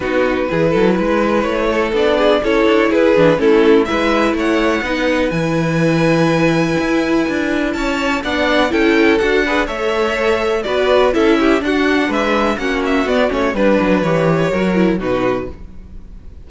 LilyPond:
<<
  \new Staff \with { instrumentName = "violin" } { \time 4/4 \tempo 4 = 124 b'2. cis''4 | d''4 cis''4 b'4 a'4 | e''4 fis''2 gis''4~ | gis''1 |
a''4 fis''4 g''4 fis''4 | e''2 d''4 e''4 | fis''4 e''4 fis''8 e''8 d''8 cis''8 | b'4 cis''2 b'4 | }
  \new Staff \with { instrumentName = "violin" } { \time 4/4 fis'4 gis'8 a'8 b'4. a'8~ | a'8 gis'8 a'4 gis'4 e'4 | b'4 cis''4 b'2~ | b'1 |
cis''4 d''4 a'4. b'8 | cis''2 b'4 a'8 g'8 | fis'4 b'4 fis'2 | b'2 ais'4 fis'4 | }
  \new Staff \with { instrumentName = "viola" } { \time 4/4 dis'4 e'2. | d'4 e'4. d'8 cis'4 | e'2 dis'4 e'4~ | e'1~ |
e'4 d'4 e'4 fis'8 gis'8 | a'2 fis'4 e'4 | d'2 cis'4 b8 cis'8 | d'4 g'4 fis'8 e'8 dis'4 | }
  \new Staff \with { instrumentName = "cello" } { \time 4/4 b4 e8 fis8 gis4 a4 | b4 cis'8 d'8 e'8 e8 a4 | gis4 a4 b4 e4~ | e2 e'4 d'4 |
cis'4 b4 cis'4 d'4 | a2 b4 cis'4 | d'4 gis4 ais4 b8 a8 | g8 fis8 e4 fis4 b,4 | }
>>